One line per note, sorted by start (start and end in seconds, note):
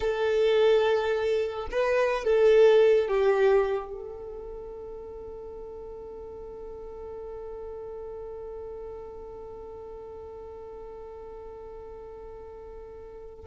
0.00 1.67 A4
1.71 2.24 B4
2.24 3.08 A4
3.08 3.92 G4
3.92 13.45 A4